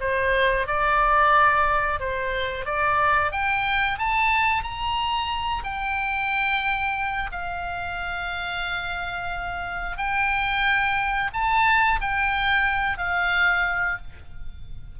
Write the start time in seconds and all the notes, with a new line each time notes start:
0.00 C5
0.67 D5
2.00 C5
2.65 D5
3.32 G5
3.98 A5
4.63 A#5
5.63 G5
7.32 F5
9.97 G5
11.33 A5
12.01 G5
12.98 F5